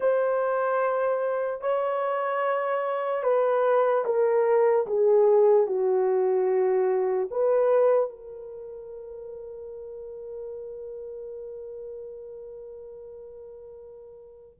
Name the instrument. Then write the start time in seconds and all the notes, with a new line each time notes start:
horn
0.00 C5
1.61 C#5
3.23 B4
4.05 A#4
4.86 G#4
5.66 F#4
7.30 B4
8.09 A#4